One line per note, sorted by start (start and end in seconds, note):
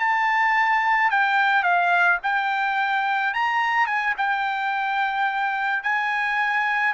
0.00 1.11 A5
1.11 1.63 G5
1.63 2.19 F5
2.23 3.34 G5
3.34 3.87 A#5
3.87 4.15 G#5
4.18 5.84 G5
5.84 6.94 G#5